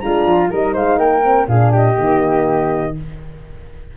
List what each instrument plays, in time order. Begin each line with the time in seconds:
0.00 tuba G#3, horn D4, flute F4 A#5
0.26 tuba F3
0.49 tuba G3, horn D#4, flute A#4 D#5
0.74 tuba G#3, flute C5 F5
0.98 tuba A#3, flute A#4 G5
1.23 horn C4
1.48 tuba A#2, horn D4, flute G#4 F5
1.72 flute G4 D#5
1.96 tuba D#3, horn A#3